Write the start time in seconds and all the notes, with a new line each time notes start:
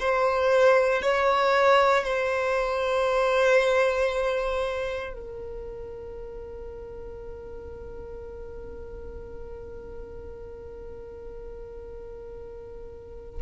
0.00 C5
1.02 C#5
2.04 C5
5.13 A#4